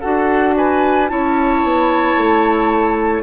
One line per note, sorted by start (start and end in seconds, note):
0.00 1.11 D4
0.00 1.09 F#4
0.00 0.54 A4
0.00 0.54 F#5
0.57 1.10 B4
0.57 1.08 G#5
1.08 1.63 C#4
1.08 3.23 E4
1.08 3.23 C#5
1.08 3.22 A5
1.63 2.16 B3
2.16 3.23 A3